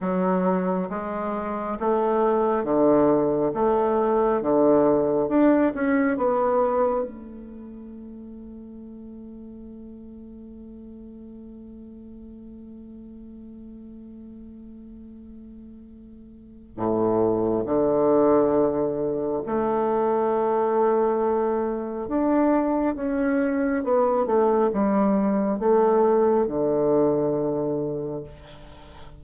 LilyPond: \new Staff \with { instrumentName = "bassoon" } { \time 4/4 \tempo 4 = 68 fis4 gis4 a4 d4 | a4 d4 d'8 cis'8 b4 | a1~ | a1~ |
a2. a,4 | d2 a2~ | a4 d'4 cis'4 b8 a8 | g4 a4 d2 | }